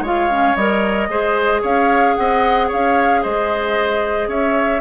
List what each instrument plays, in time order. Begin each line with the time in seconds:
0.00 bassoon G#3, clarinet F4, oboe C#5
0.06 flute F5
0.30 clarinet C#4
0.55 bassoon G3, clarinet A#4, flute D#5
1.08 bassoon G#3, clarinet G#4, oboe C5
1.61 bassoon C#4, oboe C#5, flute F5
2.15 bassoon C4, oboe D#5, flute F#5
2.67 bassoon C#4, oboe C#5, flute F5
3.22 bassoon G#3, oboe C5, flute D#5
4.28 bassoon C#4, oboe C#5, flute E5